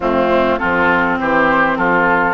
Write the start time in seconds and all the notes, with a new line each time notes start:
0.00 F2 A3 C4 F4
0.58 F3 C4 F4 A4
1.18 E3 G4 C5
1.76 F3 F4 A4